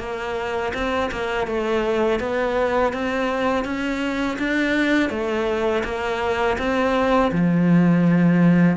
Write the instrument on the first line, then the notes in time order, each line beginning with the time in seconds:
cello
0.00 A#3
0.74 C4
1.12 A#3
1.47 A3
2.21 B3
2.93 C4
3.65 C#4
4.39 D4
5.10 A3
5.85 A#3
6.59 C4
7.32 F3